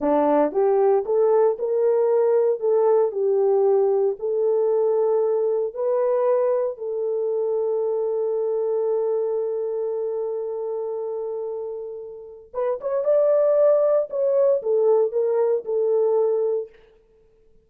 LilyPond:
\new Staff \with { instrumentName = "horn" } { \time 4/4 \tempo 4 = 115 d'4 g'4 a'4 ais'4~ | ais'4 a'4 g'2 | a'2. b'4~ | b'4 a'2.~ |
a'1~ | a'1 | b'8 cis''8 d''2 cis''4 | a'4 ais'4 a'2 | }